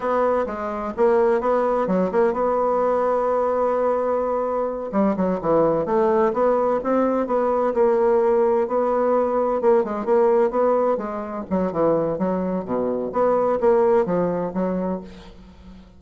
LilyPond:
\new Staff \with { instrumentName = "bassoon" } { \time 4/4 \tempo 4 = 128 b4 gis4 ais4 b4 | fis8 ais8 b2.~ | b2~ b8 g8 fis8 e8~ | e8 a4 b4 c'4 b8~ |
b8 ais2 b4.~ | b8 ais8 gis8 ais4 b4 gis8~ | gis8 fis8 e4 fis4 b,4 | b4 ais4 f4 fis4 | }